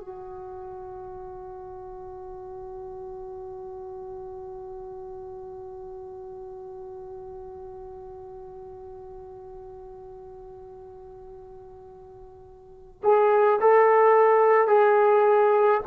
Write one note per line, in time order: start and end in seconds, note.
0.00 13.02 F#4
13.03 13.60 G#4
13.61 14.68 A4
14.68 15.81 G#4